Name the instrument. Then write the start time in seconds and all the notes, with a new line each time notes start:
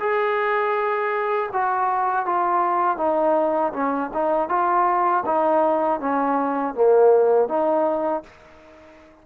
trombone
0.00 G#4
1.53 F#4
2.26 F4
2.98 D#4
3.73 C#4
4.14 D#4
4.49 F4
5.26 D#4
6.00 C#4
6.75 A#3
7.49 D#4